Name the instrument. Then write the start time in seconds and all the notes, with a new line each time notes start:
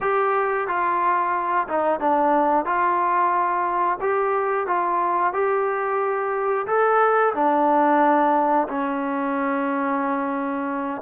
trombone
0.01 G4
0.67 F4
1.68 D#4
2.00 D4
2.65 F4
4.01 G4
4.66 F4
5.33 G4
6.67 A4
7.34 D4
8.68 C#4